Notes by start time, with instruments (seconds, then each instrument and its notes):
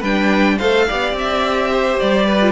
0.00 cello G3, viola D4, violin B4 G5
0.58 cello A3, viola A4, violin C5 F5
0.87 cello B3, viola G4, violin D5
1.12 cello C4, violin E5
1.72 violin C5
2.00 cello G3, violin D5
2.26 violin B4
2.41 viola F4